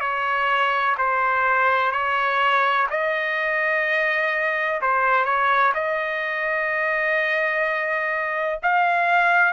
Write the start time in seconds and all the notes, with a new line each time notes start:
0.00 C#5
0.97 C5
1.92 C#5
2.90 D#5
4.81 C5
5.25 C#5
5.74 D#5
8.62 F5